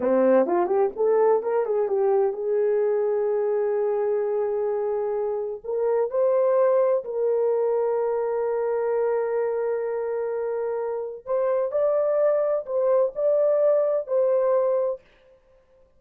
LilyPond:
\new Staff \with { instrumentName = "horn" } { \time 4/4 \tempo 4 = 128 c'4 f'8 g'8 a'4 ais'8 gis'8 | g'4 gis'2.~ | gis'1 | ais'4 c''2 ais'4~ |
ais'1~ | ais'1 | c''4 d''2 c''4 | d''2 c''2 | }